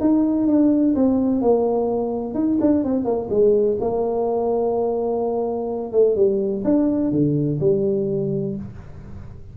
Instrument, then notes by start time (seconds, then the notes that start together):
tuba
0.00 D#4
0.48 D4
0.96 C4
1.41 A#3
2.34 D#4
2.61 D4
2.84 C4
3.05 A#3
3.30 G#3
3.81 A#3
5.92 A3
6.16 G3
6.64 D4
7.11 D3
7.60 G3